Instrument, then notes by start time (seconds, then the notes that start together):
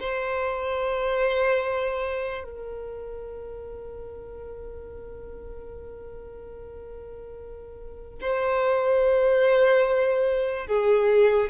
violin
0.00 C5
2.44 A#4
8.22 C5
10.68 G#4